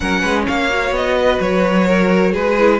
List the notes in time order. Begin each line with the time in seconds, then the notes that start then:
0.00 F#3 C#4 A#4 F#5
0.21 G#3 B4
0.47 A#3 C#5 F5
0.69 F#4
0.91 B3 D#5
1.17 B4
1.40 F#3 C#5
1.87 A#4
2.32 G#3 G#4 B4
2.58 E4